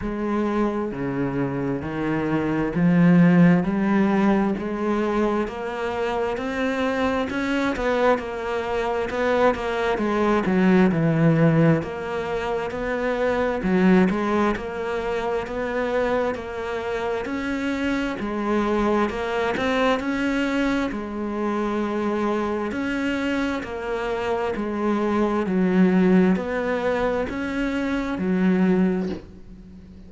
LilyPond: \new Staff \with { instrumentName = "cello" } { \time 4/4 \tempo 4 = 66 gis4 cis4 dis4 f4 | g4 gis4 ais4 c'4 | cis'8 b8 ais4 b8 ais8 gis8 fis8 | e4 ais4 b4 fis8 gis8 |
ais4 b4 ais4 cis'4 | gis4 ais8 c'8 cis'4 gis4~ | gis4 cis'4 ais4 gis4 | fis4 b4 cis'4 fis4 | }